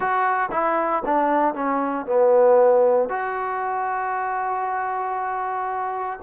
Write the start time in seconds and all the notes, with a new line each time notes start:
0.00 F#4
0.51 E4
1.05 D4
1.54 C#4
2.05 B3
3.09 F#4